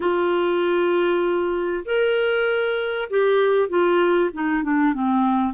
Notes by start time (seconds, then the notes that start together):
0.00 F4
1.85 A#4
3.10 G4
3.68 F4
4.33 D#4
4.63 D4
4.93 C4